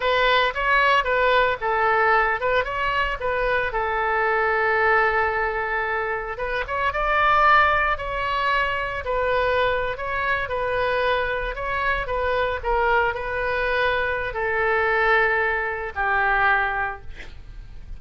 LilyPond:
\new Staff \with { instrumentName = "oboe" } { \time 4/4 \tempo 4 = 113 b'4 cis''4 b'4 a'4~ | a'8 b'8 cis''4 b'4 a'4~ | a'1 | b'8 cis''8 d''2 cis''4~ |
cis''4 b'4.~ b'16 cis''4 b'16~ | b'4.~ b'16 cis''4 b'4 ais'16~ | ais'8. b'2~ b'16 a'4~ | a'2 g'2 | }